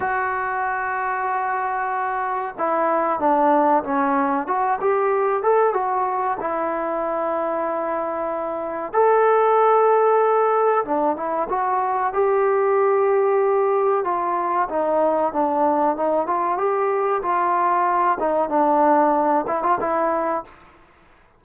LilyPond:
\new Staff \with { instrumentName = "trombone" } { \time 4/4 \tempo 4 = 94 fis'1 | e'4 d'4 cis'4 fis'8 g'8~ | g'8 a'8 fis'4 e'2~ | e'2 a'2~ |
a'4 d'8 e'8 fis'4 g'4~ | g'2 f'4 dis'4 | d'4 dis'8 f'8 g'4 f'4~ | f'8 dis'8 d'4. e'16 f'16 e'4 | }